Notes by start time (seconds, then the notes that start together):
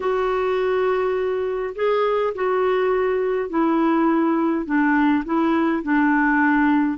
0.00 F#4
1.75 G#4
2.35 F#4
3.49 E4
4.65 D4
5.25 E4
5.83 D4